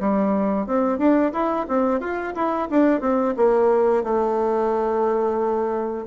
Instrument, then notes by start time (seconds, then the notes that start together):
bassoon
0.00 G3
0.67 C4
0.99 D4
1.33 E4
1.69 C4
2.01 F4
2.35 E4
2.71 D4
3.01 C4
3.37 A#3
4.04 A3